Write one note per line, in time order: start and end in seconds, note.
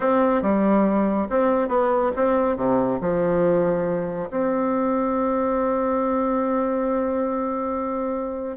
0.00 0.42 C4
0.42 1.27 G3
1.29 1.68 C4
1.68 2.11 B3
2.15 2.56 C4
2.56 2.99 C3
3.01 4.29 F3
4.30 8.57 C4